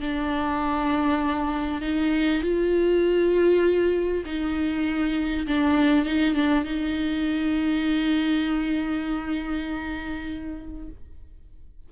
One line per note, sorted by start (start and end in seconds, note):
0.00 1.82 D4
1.82 2.42 D#4
2.42 4.24 F4
4.25 5.46 D#4
5.47 6.05 D4
6.05 6.34 D#4
6.34 6.64 D4
6.64 10.89 D#4